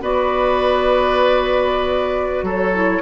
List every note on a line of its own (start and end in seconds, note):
0.00 2.42 B3
0.00 2.72 F#4
0.00 2.45 B4
0.00 2.45 D5
2.42 2.99 F#3
2.42 3.01 A4
2.42 3.01 C#5
2.73 3.01 E4